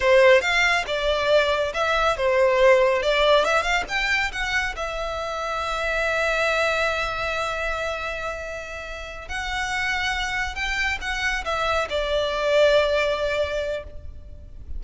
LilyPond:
\new Staff \with { instrumentName = "violin" } { \time 4/4 \tempo 4 = 139 c''4 f''4 d''2 | e''4 c''2 d''4 | e''8 f''8 g''4 fis''4 e''4~ | e''1~ |
e''1~ | e''4. fis''2~ fis''8~ | fis''8 g''4 fis''4 e''4 d''8~ | d''1 | }